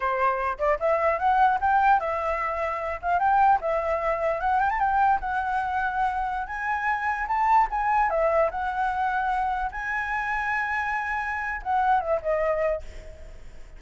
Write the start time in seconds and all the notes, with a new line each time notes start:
0.00 C5
0.58 D5
0.79 E5
1.18 F#5
1.60 G5
2.00 E5
3.02 F5
3.19 G5
3.61 E5
4.40 F#5
4.59 G5
4.70 A5
4.79 G5
5.20 F#5
6.47 G#5
7.27 A5
7.70 G#5
8.09 E5
8.50 F#5
9.71 G#5
11.63 F#5
12.00 E5
12.22 D#5